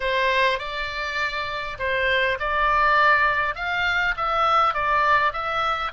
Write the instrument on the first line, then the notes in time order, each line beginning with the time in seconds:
oboe
0.00 C5
0.58 D5
1.78 C5
2.39 D5
3.55 F5
4.17 E5
4.74 D5
5.32 E5